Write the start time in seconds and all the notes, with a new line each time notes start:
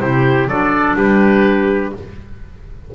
0.00 C3 E4 G4 C5
0.47 F#3 D4 A4 D5
0.96 G3 G4 B4